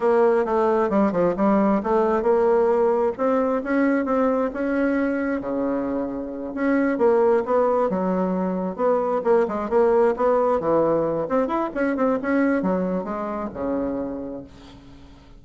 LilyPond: \new Staff \with { instrumentName = "bassoon" } { \time 4/4 \tempo 4 = 133 ais4 a4 g8 f8 g4 | a4 ais2 c'4 | cis'4 c'4 cis'2 | cis2~ cis8 cis'4 ais8~ |
ais8 b4 fis2 b8~ | b8 ais8 gis8 ais4 b4 e8~ | e4 c'8 e'8 cis'8 c'8 cis'4 | fis4 gis4 cis2 | }